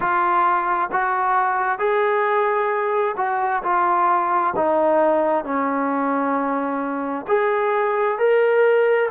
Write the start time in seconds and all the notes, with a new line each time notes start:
0.00 F4
0.91 F#4
1.79 G#4
3.17 F#4
3.63 F4
4.56 D#4
5.44 C#4
7.27 G#4
8.18 A#4